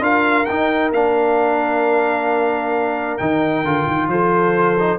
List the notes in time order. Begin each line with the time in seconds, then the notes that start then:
0.00 D4 F4 A#4 F5
0.45 D#4 G5
0.92 A#3 D4 F5
3.18 D#3 D#4 G5
3.64 D3 F4
3.87 D#3
4.07 F3 A4 C5
4.80 D#4